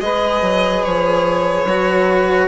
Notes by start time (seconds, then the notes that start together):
0.00 G#3 G#4 B4 D#5
0.42 F#3
0.84 F3 C#5
1.65 F#3 F#4